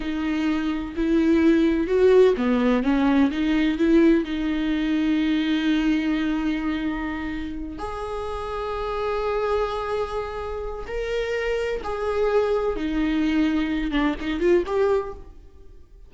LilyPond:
\new Staff \with { instrumentName = "viola" } { \time 4/4 \tempo 4 = 127 dis'2 e'2 | fis'4 b4 cis'4 dis'4 | e'4 dis'2.~ | dis'1~ |
dis'8 gis'2.~ gis'8~ | gis'2. ais'4~ | ais'4 gis'2 dis'4~ | dis'4. d'8 dis'8 f'8 g'4 | }